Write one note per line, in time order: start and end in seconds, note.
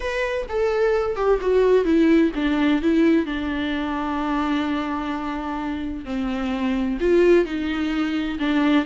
0.00 0.46 B4
0.48 1.16 A4
1.16 1.39 G4
1.41 1.84 F#4
1.84 2.31 E4
2.35 2.81 D4
2.81 3.26 E4
3.26 6.05 D4
6.05 6.98 C4
7.00 7.45 F4
7.45 8.38 D#4
8.39 8.85 D4